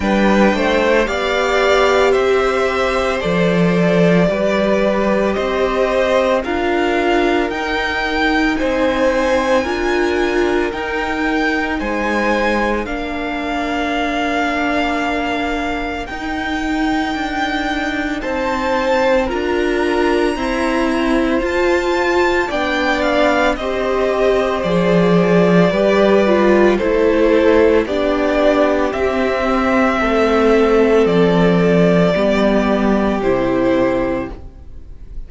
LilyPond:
<<
  \new Staff \with { instrumentName = "violin" } { \time 4/4 \tempo 4 = 56 g''4 f''4 e''4 d''4~ | d''4 dis''4 f''4 g''4 | gis''2 g''4 gis''4 | f''2. g''4~ |
g''4 a''4 ais''2 | a''4 g''8 f''8 dis''4 d''4~ | d''4 c''4 d''4 e''4~ | e''4 d''2 c''4 | }
  \new Staff \with { instrumentName = "violin" } { \time 4/4 b'8 c''8 d''4 c''2 | b'4 c''4 ais'2 | c''4 ais'2 c''4 | ais'1~ |
ais'4 c''4 ais'4 c''4~ | c''4 d''4 c''2 | b'4 a'4 g'2 | a'2 g'2 | }
  \new Staff \with { instrumentName = "viola" } { \time 4/4 d'4 g'2 a'4 | g'2 f'4 dis'4~ | dis'4 f'4 dis'2 | d'2. dis'4~ |
dis'2 f'4 c'4 | f'4 d'4 g'4 gis'4 | g'8 f'8 e'4 d'4 c'4~ | c'2 b4 e'4 | }
  \new Staff \with { instrumentName = "cello" } { \time 4/4 g8 a8 b4 c'4 f4 | g4 c'4 d'4 dis'4 | c'4 d'4 dis'4 gis4 | ais2. dis'4 |
d'4 c'4 d'4 e'4 | f'4 b4 c'4 f4 | g4 a4 b4 c'4 | a4 f4 g4 c4 | }
>>